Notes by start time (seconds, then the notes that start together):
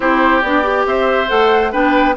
0.00 C4 E4 G4 C5
0.41 B3 D4 D5
0.63 G4
0.86 C4 C5 E5
1.28 A3 A4 F#5
1.71 B3 D4 B4 G5